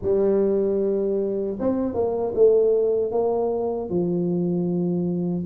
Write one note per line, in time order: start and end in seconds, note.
0.02 1.58 G3
1.59 1.94 C4
1.94 2.33 A#3
2.34 3.11 A3
3.11 3.89 A#3
3.89 5.45 F3